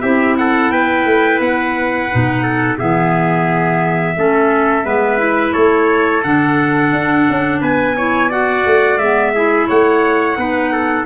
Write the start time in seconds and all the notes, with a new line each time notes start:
0.00 C4 E4 G4 E5
0.37 A4 F#5
0.71 B3 B4 G5
1.05 A3
1.39 B3 F#5
2.10 B2 D#4
2.42 A4
2.77 E3 B3 G#4 E5
4.16 A3 C#4 A4
4.83 G#3 B3 B4
5.18 E4
5.52 A3 A4 C#5
6.23 D3 D4 F#5
6.92 D4
7.29 C#4
7.60 B3 B4 G#5
7.96 E4 C#5
8.28 F#4 D5 F#5
8.65 A3
8.97 G#3 B3 E5
9.34 E4 G#4
9.67 A3 C#5 F#5
10.36 B3 D#4 B4
10.72 A4